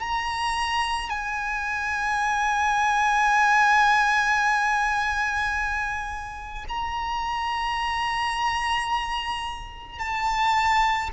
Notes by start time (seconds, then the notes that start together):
0.00 A#5
1.09 G#5
6.68 A#5
9.98 A5